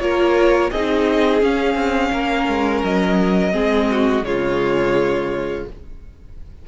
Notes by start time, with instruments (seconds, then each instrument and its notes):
0.00 cello A#3, viola F4, violin A#4 C#5
0.71 cello C4, viola D#4, violin G#4 D#5
1.41 viola C#4, cello C#4, violin F5
1.75 cello C4
2.12 cello A#3, violin A#4
2.48 cello G#3
2.84 cello F#3, violin D#5
3.52 cello G#3, viola C4, violin G#4
3.91 violin F#4
4.22 cello C#3, viola G#3, violin F4 C#5